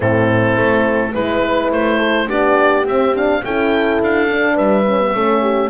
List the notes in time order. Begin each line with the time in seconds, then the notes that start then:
0.00 A2 C4 E4 A4
0.56 A3
1.12 G#3 E4 B4
1.71 A3 C5
1.97 A4
2.27 B3 D4 G4 D5
2.85 C4 E5
3.14 D4 F5
3.44 C#4 E4 A4 G5
4.01 D4 F5
4.28 D4
4.54 G3 B4 E5
4.86 C#4
5.00 B3
5.14 A3 C#4 A4
5.41 G4